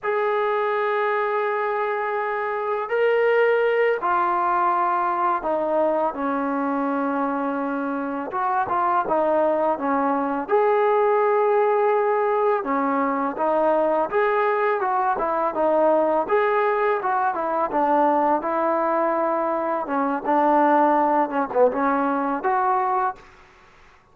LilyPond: \new Staff \with { instrumentName = "trombone" } { \time 4/4 \tempo 4 = 83 gis'1 | ais'4. f'2 dis'8~ | dis'8 cis'2. fis'8 | f'8 dis'4 cis'4 gis'4.~ |
gis'4. cis'4 dis'4 gis'8~ | gis'8 fis'8 e'8 dis'4 gis'4 fis'8 | e'8 d'4 e'2 cis'8 | d'4. cis'16 b16 cis'4 fis'4 | }